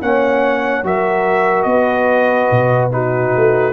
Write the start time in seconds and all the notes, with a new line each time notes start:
0.00 A#3 C#4 C#5 F#5
0.83 F#3 F#4 A#4 E5
1.62 B3 D#5
1.69 B4
2.51 B2
2.90 D#4 F#4 B4
3.36 A3